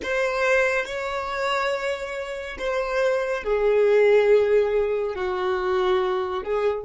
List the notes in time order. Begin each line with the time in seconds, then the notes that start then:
0.02 C5
0.85 C#5
2.58 C5
3.43 G#4
5.15 F#4
6.43 G#4